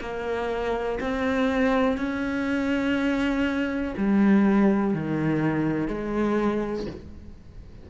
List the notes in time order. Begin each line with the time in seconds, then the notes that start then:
0.00 A#3
1.00 C4
1.97 C#4
3.97 G3
4.94 D#3
5.87 G#3